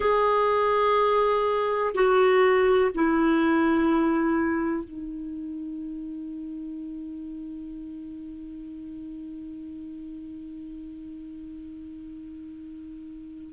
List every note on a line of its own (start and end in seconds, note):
0.00 1.94 G#4
1.94 2.91 F#4
2.94 4.84 E4
4.84 13.53 D#4